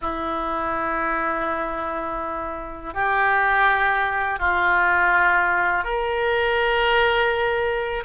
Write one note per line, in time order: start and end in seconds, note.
0.01 2.94 E4
2.94 4.39 G4
4.39 5.84 F4
5.84 8.03 A#4